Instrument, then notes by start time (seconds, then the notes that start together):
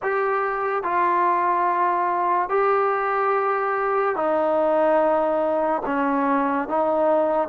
trombone
0.02 G4
0.83 F4
2.49 G4
4.15 D#4
5.85 C#4
6.68 D#4